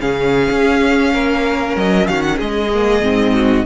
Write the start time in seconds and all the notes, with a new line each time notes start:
0.00 C#3 C#4 G#4 F5
0.50 C#4
1.13 A#3 A#4
1.76 F#3 D#5
2.08 D#3 F#4 F5
2.22 F#5
2.36 G#3 G#4 D#5
2.74 A#3
3.01 G#2 C4
3.34 F#4